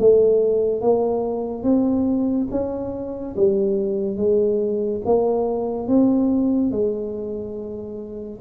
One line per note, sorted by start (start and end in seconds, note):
0.00 0.81 A3
0.81 1.64 A#3
1.64 2.48 C4
2.51 3.36 C#4
3.36 4.17 G3
4.17 5.02 G#3
5.06 5.88 A#3
5.88 6.71 C4
6.71 8.40 G#3